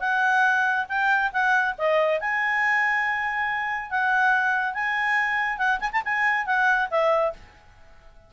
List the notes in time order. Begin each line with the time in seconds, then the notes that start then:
0.00 F#5
0.89 G5
1.32 F#5
1.78 D#5
2.20 G#5
3.90 F#5
4.74 G#5
5.58 F#5
5.80 G#5
5.92 A5
6.05 G#5
6.46 F#5
6.90 E5